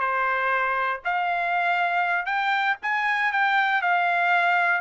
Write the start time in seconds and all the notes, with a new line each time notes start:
0.00 C5
1.05 F5
2.26 G5
2.82 G#5
3.32 G5
3.82 F5